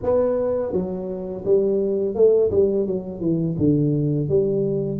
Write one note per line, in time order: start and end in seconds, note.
0.02 0.72 B3
0.72 1.44 F#3
1.44 2.14 G3
2.14 2.50 A3
2.51 2.86 G3
2.86 3.20 F#3
3.20 3.56 E3
3.57 4.29 D3
4.29 4.99 G3